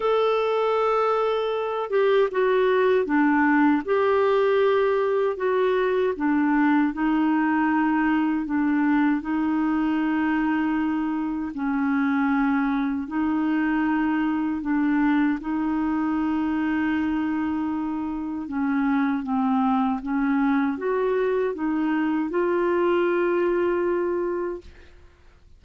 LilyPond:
\new Staff \with { instrumentName = "clarinet" } { \time 4/4 \tempo 4 = 78 a'2~ a'8 g'8 fis'4 | d'4 g'2 fis'4 | d'4 dis'2 d'4 | dis'2. cis'4~ |
cis'4 dis'2 d'4 | dis'1 | cis'4 c'4 cis'4 fis'4 | dis'4 f'2. | }